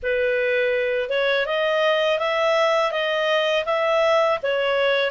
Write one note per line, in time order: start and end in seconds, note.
0.02 1.09 B4
1.09 1.46 C#5
1.46 2.19 D#5
2.19 2.91 E5
2.91 3.64 D#5
3.65 4.38 E5
4.42 5.11 C#5